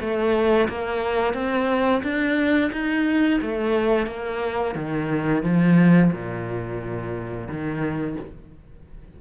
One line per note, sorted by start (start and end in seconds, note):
0.00 0.68 A3
0.68 1.34 A#3
1.34 2.02 C4
2.03 2.71 D4
2.72 3.40 D#4
3.42 4.06 A3
4.06 4.74 A#3
4.75 5.43 D#3
5.43 6.11 F3
6.12 7.48 A#2
7.48 8.16 D#3